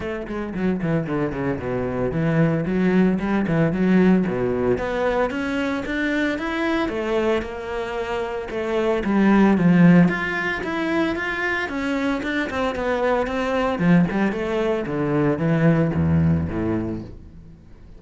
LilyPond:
\new Staff \with { instrumentName = "cello" } { \time 4/4 \tempo 4 = 113 a8 gis8 fis8 e8 d8 cis8 b,4 | e4 fis4 g8 e8 fis4 | b,4 b4 cis'4 d'4 | e'4 a4 ais2 |
a4 g4 f4 f'4 | e'4 f'4 cis'4 d'8 c'8 | b4 c'4 f8 g8 a4 | d4 e4 e,4 a,4 | }